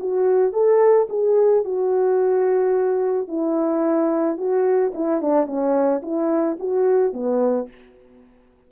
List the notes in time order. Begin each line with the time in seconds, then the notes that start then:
0.00 F#4
0.53 A4
1.10 G#4
1.65 F#4
3.28 E4
4.37 F#4
4.94 E4
5.22 D4
5.47 C#4
6.03 E4
6.60 F#4
7.13 B3